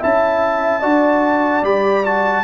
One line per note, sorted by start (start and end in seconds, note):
0.00 0.84 C#4
0.00 0.82 E4
0.00 0.81 E5
0.00 1.65 A5
0.81 1.63 D4
0.81 1.63 F#4
0.81 2.43 D5
1.63 2.44 G3
1.63 2.04 G4
1.63 2.05 B5
2.04 2.44 F#4
2.04 2.44 A5